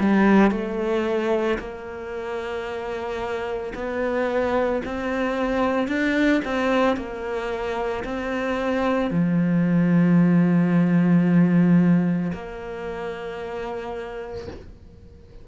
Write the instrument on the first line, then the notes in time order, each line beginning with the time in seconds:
cello
0.00 G3
0.51 A3
1.59 A#3
3.75 B3
4.85 C4
5.88 D4
6.45 C4
6.96 A#3
8.04 C4
9.11 F3
12.33 A#3